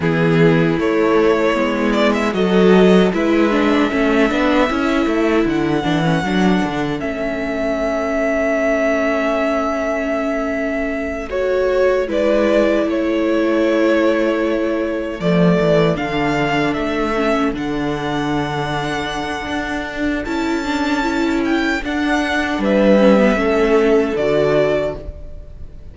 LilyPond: <<
  \new Staff \with { instrumentName = "violin" } { \time 4/4 \tempo 4 = 77 gis'4 cis''4. d''16 e''16 dis''4 | e''2. fis''4~ | fis''4 e''2.~ | e''2~ e''8 cis''4 d''8~ |
d''8 cis''2. d''8~ | d''8 f''4 e''4 fis''4.~ | fis''2 a''4. g''8 | fis''4 e''2 d''4 | }
  \new Staff \with { instrumentName = "violin" } { \time 4/4 e'2. a'4 | b'4 a'2.~ | a'1~ | a'2.~ a'8 b'8~ |
b'8 a'2.~ a'8~ | a'1~ | a'1~ | a'4 b'4 a'2 | }
  \new Staff \with { instrumentName = "viola" } { \time 4/4 b4 a4 b4 fis'4 | e'8 d'8 cis'8 d'8 e'4. d'16 cis'16 | d'4 cis'2.~ | cis'2~ cis'8 fis'4 e'8~ |
e'2.~ e'8 a8~ | a8 d'4. cis'8 d'4.~ | d'2 e'8 d'8 e'4 | d'4. cis'16 b16 cis'4 fis'4 | }
  \new Staff \with { instrumentName = "cello" } { \time 4/4 e4 a4 gis4 fis4 | gis4 a8 b8 cis'8 a8 d8 e8 | fis8 d8 a2.~ | a2.~ a8 gis8~ |
gis8 a2. f8 | e8 d4 a4 d4.~ | d4 d'4 cis'2 | d'4 g4 a4 d4 | }
>>